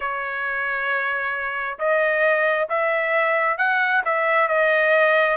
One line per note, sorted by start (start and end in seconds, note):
0.00 1.78 C#5
1.78 2.68 D#5
2.69 3.57 E5
3.57 4.02 F#5
4.05 4.48 E5
4.48 5.36 D#5